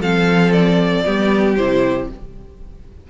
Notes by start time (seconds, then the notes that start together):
0.00 F3 C4 A4 F5
0.51 D5
1.05 G3 B3 G4
1.56 C3 E4 C5